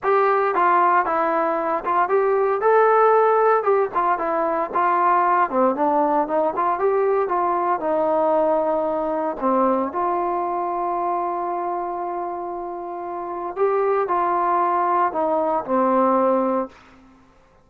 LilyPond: \new Staff \with { instrumentName = "trombone" } { \time 4/4 \tempo 4 = 115 g'4 f'4 e'4. f'8 | g'4 a'2 g'8 f'8 | e'4 f'4. c'8 d'4 | dis'8 f'8 g'4 f'4 dis'4~ |
dis'2 c'4 f'4~ | f'1~ | f'2 g'4 f'4~ | f'4 dis'4 c'2 | }